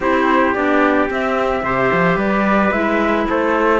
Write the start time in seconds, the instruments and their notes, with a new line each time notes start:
0.00 cello C4, clarinet E4, trumpet G4, flute C5
0.54 cello B3, clarinet D4, flute D5
1.08 clarinet C4, cello C4, flute E5
1.63 cello C3, clarinet G4, trumpet C5
1.92 cello F3
2.15 cello G3, trumpet B4, flute D5
2.71 cello G#3, clarinet E4, flute E5
3.28 cello A3, trumpet A4, flute C5